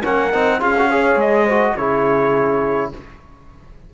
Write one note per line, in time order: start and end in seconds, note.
0.00 0.33 A#3
0.00 0.31 C#4
0.00 0.58 A#4
0.00 0.62 F#5
0.31 0.61 C4
0.31 0.59 D#4
0.59 1.15 C#4
0.59 0.74 F4
0.59 0.88 G#4
0.59 1.20 F5
0.78 0.91 F#4
0.88 1.48 G#4
0.88 1.44 C#5
1.15 1.73 G#3
1.15 1.76 D#5
1.44 1.78 F#4
1.44 1.73 C5
1.76 2.92 C#3
1.76 2.93 E4
1.76 2.92 G#4
1.76 2.91 C#5